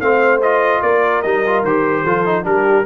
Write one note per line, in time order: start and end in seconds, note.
0.00 0.82 A3
0.00 0.42 C4
0.00 0.83 C5
0.00 0.41 F5
0.42 1.24 F4
0.42 0.82 D#5
0.82 1.24 A#3
0.82 2.04 A#4
0.82 1.22 D5
1.22 1.63 G3
1.22 1.46 D#4
1.22 1.63 D#5
1.46 1.66 F4
1.63 2.04 D#3
1.63 2.07 G4
1.63 2.45 C5
2.04 2.45 F3
2.04 2.26 F4
2.04 2.45 A4
2.26 2.43 D#4
2.43 2.86 G3
2.43 2.84 D4
2.43 2.86 A#4
2.49 2.86 G4